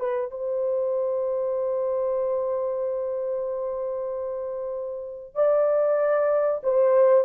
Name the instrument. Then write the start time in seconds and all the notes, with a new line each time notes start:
horn
0.00 B4
0.31 C5
5.35 D5
6.63 C5